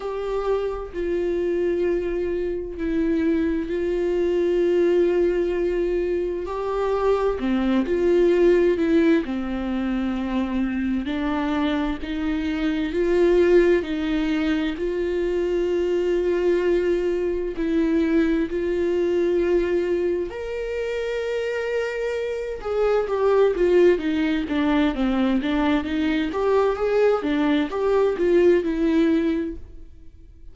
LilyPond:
\new Staff \with { instrumentName = "viola" } { \time 4/4 \tempo 4 = 65 g'4 f'2 e'4 | f'2. g'4 | c'8 f'4 e'8 c'2 | d'4 dis'4 f'4 dis'4 |
f'2. e'4 | f'2 ais'2~ | ais'8 gis'8 g'8 f'8 dis'8 d'8 c'8 d'8 | dis'8 g'8 gis'8 d'8 g'8 f'8 e'4 | }